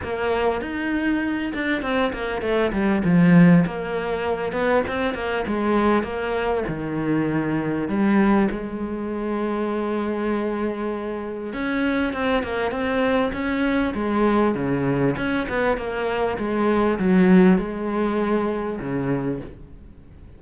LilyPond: \new Staff \with { instrumentName = "cello" } { \time 4/4 \tempo 4 = 99 ais4 dis'4. d'8 c'8 ais8 | a8 g8 f4 ais4. b8 | c'8 ais8 gis4 ais4 dis4~ | dis4 g4 gis2~ |
gis2. cis'4 | c'8 ais8 c'4 cis'4 gis4 | cis4 cis'8 b8 ais4 gis4 | fis4 gis2 cis4 | }